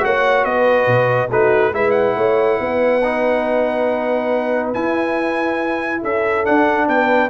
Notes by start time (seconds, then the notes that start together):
0.00 A#3 F#4 C#5 F#5
0.45 B3 B4 D#5
0.87 B2
1.30 A3 D#4 F#4 B4
1.73 G#3 E4 B4 E5
1.91 F#5
2.17 A3 C#5
2.60 B3 B4
3.04 D#4
4.74 E4 G#5
6.02 C#4 A4 E5
6.45 D4 F#5
6.88 B3 B4 G5